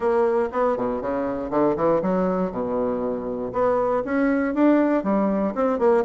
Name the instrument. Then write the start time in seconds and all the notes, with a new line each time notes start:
bassoon
0.00 A#3
0.52 B3
0.77 B2
1.01 C#3
1.50 D3
1.76 E3
2.02 F#3
2.51 B2
3.52 B3
4.05 C#4
4.54 D4
5.03 G3
5.54 C4
5.78 A#3